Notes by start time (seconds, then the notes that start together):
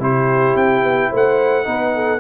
0.00 C3 E4 G4 C5
0.56 C4 G5
0.83 B3
1.11 A3 C5 F#5
1.65 B3 D#4 B4
1.95 A4